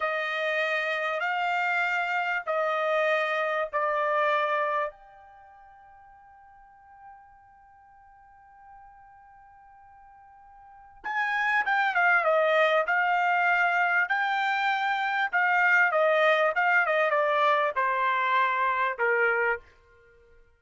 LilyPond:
\new Staff \with { instrumentName = "trumpet" } { \time 4/4 \tempo 4 = 98 dis''2 f''2 | dis''2 d''2 | g''1~ | g''1~ |
g''2 gis''4 g''8 f''8 | dis''4 f''2 g''4~ | g''4 f''4 dis''4 f''8 dis''8 | d''4 c''2 ais'4 | }